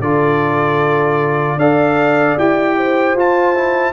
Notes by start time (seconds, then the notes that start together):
0.00 D3 F4 A4 D5
1.57 D4 A4 D5 F5
2.38 E4 G4 G5
2.77 C5
3.14 F4 A5
3.55 E4